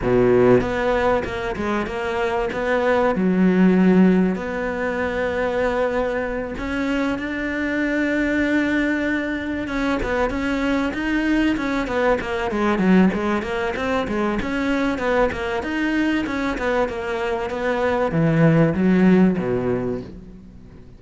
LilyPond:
\new Staff \with { instrumentName = "cello" } { \time 4/4 \tempo 4 = 96 b,4 b4 ais8 gis8 ais4 | b4 fis2 b4~ | b2~ b8 cis'4 d'8~ | d'2.~ d'8 cis'8 |
b8 cis'4 dis'4 cis'8 b8 ais8 | gis8 fis8 gis8 ais8 c'8 gis8 cis'4 | b8 ais8 dis'4 cis'8 b8 ais4 | b4 e4 fis4 b,4 | }